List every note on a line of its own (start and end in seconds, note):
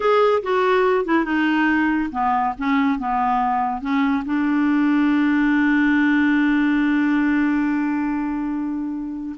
0.00 0.42 G#4
0.43 1.05 F#4
1.05 1.25 E4
1.25 2.10 D#4
2.11 2.54 B3
2.57 2.98 C#4
2.98 3.81 B3
3.81 4.23 C#4
4.25 9.36 D4